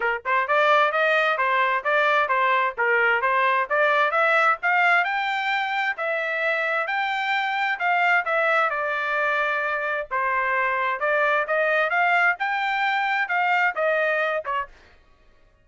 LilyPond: \new Staff \with { instrumentName = "trumpet" } { \time 4/4 \tempo 4 = 131 ais'8 c''8 d''4 dis''4 c''4 | d''4 c''4 ais'4 c''4 | d''4 e''4 f''4 g''4~ | g''4 e''2 g''4~ |
g''4 f''4 e''4 d''4~ | d''2 c''2 | d''4 dis''4 f''4 g''4~ | g''4 f''4 dis''4. cis''8 | }